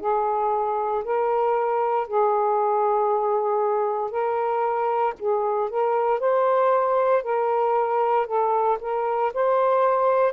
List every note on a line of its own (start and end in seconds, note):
0.00 1.03 G#4
1.04 2.07 A#4
2.07 4.11 G#4
4.11 5.14 A#4
5.19 5.69 G#4
5.69 6.20 A#4
6.20 7.23 C5
7.23 8.27 A#4
8.27 8.78 A4
8.81 9.32 A#4
9.34 10.33 C5